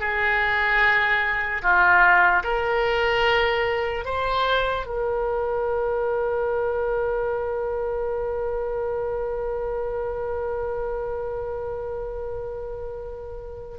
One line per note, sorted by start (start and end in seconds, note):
0.00 1.62 G#4
1.63 2.44 F4
2.44 4.05 A#4
4.05 4.86 C5
4.86 13.78 A#4